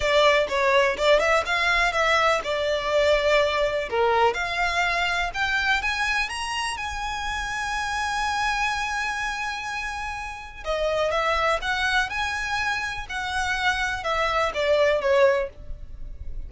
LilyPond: \new Staff \with { instrumentName = "violin" } { \time 4/4 \tempo 4 = 124 d''4 cis''4 d''8 e''8 f''4 | e''4 d''2. | ais'4 f''2 g''4 | gis''4 ais''4 gis''2~ |
gis''1~ | gis''2 dis''4 e''4 | fis''4 gis''2 fis''4~ | fis''4 e''4 d''4 cis''4 | }